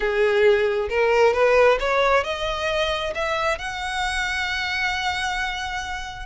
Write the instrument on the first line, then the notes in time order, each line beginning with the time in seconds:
violin
0.00 G#4
0.89 A#4
1.33 B4
1.79 C#5
2.23 D#5
3.14 E5
3.58 F#5